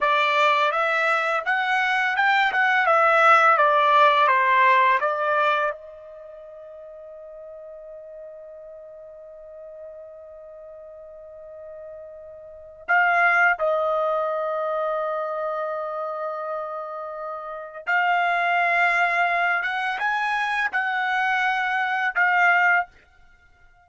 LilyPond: \new Staff \with { instrumentName = "trumpet" } { \time 4/4 \tempo 4 = 84 d''4 e''4 fis''4 g''8 fis''8 | e''4 d''4 c''4 d''4 | dis''1~ | dis''1~ |
dis''2 f''4 dis''4~ | dis''1~ | dis''4 f''2~ f''8 fis''8 | gis''4 fis''2 f''4 | }